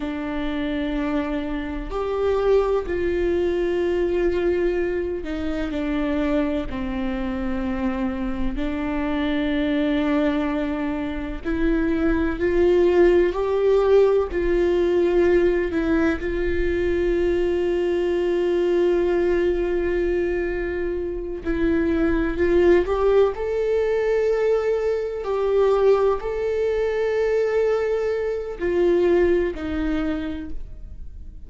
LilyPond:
\new Staff \with { instrumentName = "viola" } { \time 4/4 \tempo 4 = 63 d'2 g'4 f'4~ | f'4. dis'8 d'4 c'4~ | c'4 d'2. | e'4 f'4 g'4 f'4~ |
f'8 e'8 f'2.~ | f'2~ f'8 e'4 f'8 | g'8 a'2 g'4 a'8~ | a'2 f'4 dis'4 | }